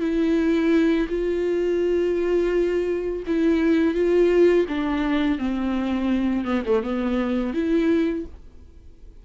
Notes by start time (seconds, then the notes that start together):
0.00 E4
1.09 F4
3.27 E4
3.94 F4
4.68 D4
5.38 C4
6.45 B3
6.65 A3
6.83 B3
7.54 E4